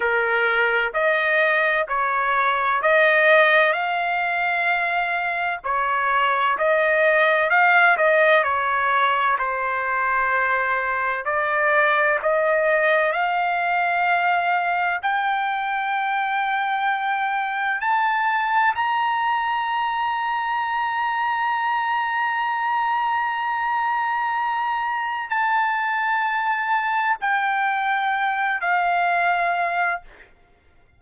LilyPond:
\new Staff \with { instrumentName = "trumpet" } { \time 4/4 \tempo 4 = 64 ais'4 dis''4 cis''4 dis''4 | f''2 cis''4 dis''4 | f''8 dis''8 cis''4 c''2 | d''4 dis''4 f''2 |
g''2. a''4 | ais''1~ | ais''2. a''4~ | a''4 g''4. f''4. | }